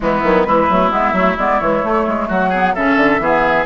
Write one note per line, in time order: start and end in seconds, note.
0.00 0.23 E3
0.00 0.22 G#3
0.00 0.47 B3
0.00 0.44 E4
0.23 0.46 D#3
0.23 0.44 F#3
0.44 0.69 E3
0.44 0.67 G#3
0.44 2.28 E4
0.44 0.90 B4
0.69 0.90 F#3
0.69 0.91 A3
0.90 1.13 G#3
0.90 1.14 B3
0.90 1.37 E5
1.13 1.35 F#3
1.13 1.37 A3
1.37 1.60 G#3
1.37 1.61 B3
1.37 1.60 D5
1.60 1.83 E3
1.60 1.83 G#3
1.60 2.28 C#5
1.83 2.52 A3
1.83 2.06 A3
2.07 2.29 G#3
2.28 2.75 F#3
2.28 2.49 F#4
2.28 2.74 F#5
2.49 2.75 B3
2.49 2.72 G#4
2.74 2.96 C#3
2.74 3.20 C#4
2.74 3.21 A4
2.74 3.65 E5
2.96 3.19 D3
3.19 3.65 E3
3.19 3.66 B3
3.19 3.66 G#4